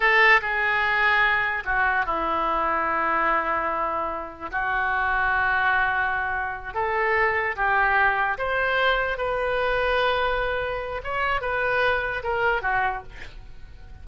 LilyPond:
\new Staff \with { instrumentName = "oboe" } { \time 4/4 \tempo 4 = 147 a'4 gis'2. | fis'4 e'2.~ | e'2. fis'4~ | fis'1~ |
fis'8 a'2 g'4.~ | g'8 c''2 b'4.~ | b'2. cis''4 | b'2 ais'4 fis'4 | }